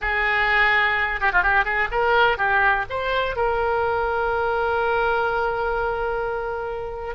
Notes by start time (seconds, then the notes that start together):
0.01 G#4
1.20 G4
1.32 F4
1.42 G4
1.64 G#4
1.91 A#4
2.37 G4
2.89 C5
3.36 A#4